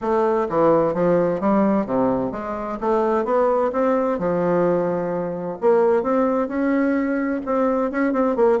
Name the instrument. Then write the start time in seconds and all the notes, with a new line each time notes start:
bassoon
0.01 A3
0.49 E3
0.93 F3
1.40 G3
1.86 C3
2.31 G#3
2.80 A3
3.24 B3
3.72 C4
4.18 F3
5.60 A#3
6.02 C4
6.48 C#4
7.45 C4
7.91 C#4
8.12 C4
8.36 A#3